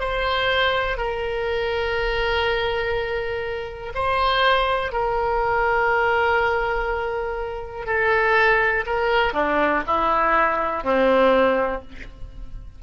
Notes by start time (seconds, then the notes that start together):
0.00 C5
0.97 A#4
3.94 C5
4.92 A#4
7.86 A4
8.86 A#4
9.33 D4
9.87 E4
10.83 C4